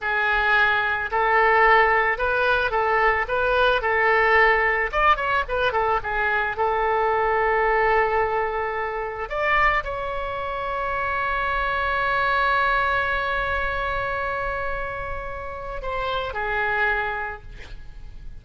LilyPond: \new Staff \with { instrumentName = "oboe" } { \time 4/4 \tempo 4 = 110 gis'2 a'2 | b'4 a'4 b'4 a'4~ | a'4 d''8 cis''8 b'8 a'8 gis'4 | a'1~ |
a'4 d''4 cis''2~ | cis''1~ | cis''1~ | cis''4 c''4 gis'2 | }